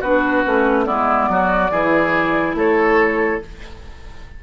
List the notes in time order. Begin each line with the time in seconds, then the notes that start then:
0.00 B3 D4 F#4 B4
0.45 A3 C#4
0.85 G#3 B3 E4 D5
1.29 F#3 F#4
1.71 E3 E4 G#4
2.54 A3 A4 C#5